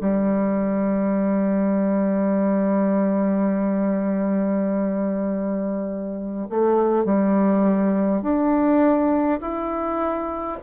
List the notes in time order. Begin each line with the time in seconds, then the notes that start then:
0.00 G3
6.49 A3
7.04 G3
8.21 D4
9.40 E4